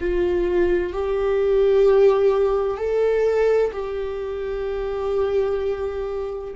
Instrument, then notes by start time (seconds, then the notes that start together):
viola
0.00 F4
0.93 G4
2.77 A4
3.73 G4